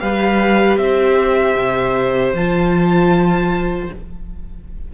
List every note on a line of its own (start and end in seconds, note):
0.00 0.77 G3
0.00 2.35 G4
0.00 0.80 B4
0.00 0.77 F5
0.77 1.55 C4
0.77 3.94 C5
0.77 2.33 E5
1.56 2.34 C3
2.34 3.89 F3
2.34 3.91 F4
2.34 3.92 A5